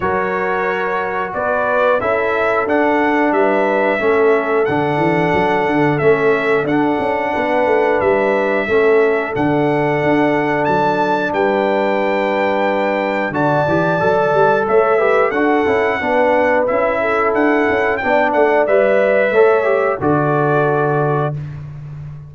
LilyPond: <<
  \new Staff \with { instrumentName = "trumpet" } { \time 4/4 \tempo 4 = 90 cis''2 d''4 e''4 | fis''4 e''2 fis''4~ | fis''4 e''4 fis''2 | e''2 fis''2 |
a''4 g''2. | a''2 e''4 fis''4~ | fis''4 e''4 fis''4 g''8 fis''8 | e''2 d''2 | }
  \new Staff \with { instrumentName = "horn" } { \time 4/4 ais'2 b'4 a'4~ | a'4 b'4 a'2~ | a'2. b'4~ | b'4 a'2.~ |
a'4 b'2. | d''2 cis''8 b'8 a'4 | b'4. a'4. d''4~ | d''4 cis''4 a'2 | }
  \new Staff \with { instrumentName = "trombone" } { \time 4/4 fis'2. e'4 | d'2 cis'4 d'4~ | d'4 cis'4 d'2~ | d'4 cis'4 d'2~ |
d'1 | fis'8 g'8 a'4. g'8 fis'8 e'8 | d'4 e'2 d'4 | b'4 a'8 g'8 fis'2 | }
  \new Staff \with { instrumentName = "tuba" } { \time 4/4 fis2 b4 cis'4 | d'4 g4 a4 d8 e8 | fis8 d8 a4 d'8 cis'8 b8 a8 | g4 a4 d4 d'4 |
fis4 g2. | d8 e8 fis8 g8 a4 d'8 cis'8 | b4 cis'4 d'8 cis'8 b8 a8 | g4 a4 d2 | }
>>